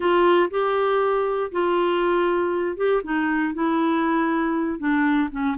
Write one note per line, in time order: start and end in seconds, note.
0.00 0.49 F4
0.50 1.51 G4
1.51 2.76 F4
2.76 3.01 G4
3.03 3.54 D#4
3.54 4.78 E4
4.78 5.29 D4
5.31 5.56 C#4